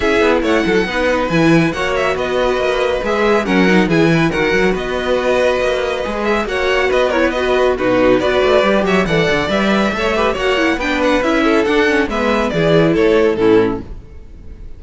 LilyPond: <<
  \new Staff \with { instrumentName = "violin" } { \time 4/4 \tempo 4 = 139 e''4 fis''2 gis''4 | fis''8 e''8 dis''2 e''4 | fis''4 gis''4 fis''4 dis''4~ | dis''2~ dis''8 e''8 fis''4 |
dis''8 cis''8 dis''4 b'4 d''4~ | d''8 e''8 fis''4 e''2 | fis''4 g''8 fis''8 e''4 fis''4 | e''4 d''4 cis''4 a'4 | }
  \new Staff \with { instrumentName = "violin" } { \time 4/4 gis'4 cis''8 a'8 b'2 | cis''4 b'2. | ais'4 gis'8 b'8 ais'4 b'4~ | b'2. cis''4 |
b'8 ais'16 b'4~ b'16 fis'4 b'4~ | b'8 cis''8 d''2 cis''8 b'8 | cis''4 b'4. a'4. | b'4 gis'4 a'4 e'4 | }
  \new Staff \with { instrumentName = "viola" } { \time 4/4 e'2 dis'4 e'4 | fis'2. gis'4 | cis'8 dis'8 e'4 fis'2~ | fis'2 gis'4 fis'4~ |
fis'8 e'8 fis'4 dis'4 fis'4 | g'4 a'4 b'4 a'8 g'8 | fis'8 e'8 d'4 e'4 d'8 cis'8 | b4 e'2 cis'4 | }
  \new Staff \with { instrumentName = "cello" } { \time 4/4 cis'8 b8 a8 fis8 b4 e4 | ais4 b4 ais4 gis4 | fis4 e4 dis8 fis8 b4~ | b4 ais4 gis4 ais4 |
b2 b,4 b8 a8 | g8 fis8 e8 d8 g4 a4 | ais4 b4 cis'4 d'4 | gis4 e4 a4 a,4 | }
>>